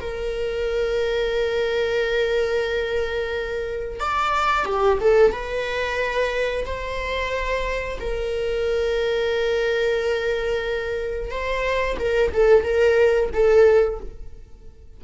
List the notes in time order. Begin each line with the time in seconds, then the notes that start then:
0.00 A#4
3.99 D5
4.65 G4
5.01 A4
5.32 B4
6.65 C5
8.00 A#4
11.30 C5
11.99 A#4
12.33 A4
12.63 A#4
13.33 A4